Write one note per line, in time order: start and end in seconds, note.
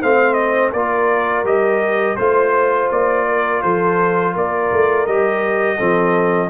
0.00 0.73 A3
0.00 0.75 C4
0.00 0.72 C5
0.00 0.33 F5
0.33 0.69 D#5
0.72 1.43 A#3
0.72 1.44 F4
0.72 2.17 A#4
0.72 1.45 D5
1.43 2.15 G3
1.43 2.17 G4
1.43 2.16 D#5
2.16 2.90 A3
2.16 5.07 F4
2.16 2.88 C5
2.16 3.27 C5
2.91 3.63 A#3
2.91 3.62 D5
3.28 3.62 A#4
3.62 4.35 F3
3.62 4.33 A4
3.62 4.34 C5
4.33 4.71 A#3
4.33 5.77 A#4
4.33 5.06 D5
4.72 5.07 A3
5.06 5.79 G3
5.06 5.78 G4
5.06 6.50 D#5
5.77 6.50 F3
5.77 6.50 C4
5.77 6.49 A4